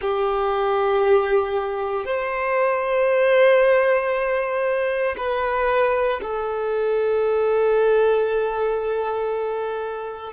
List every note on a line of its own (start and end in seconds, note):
0.00 2.05 G4
2.05 5.15 C5
5.17 6.20 B4
6.21 10.32 A4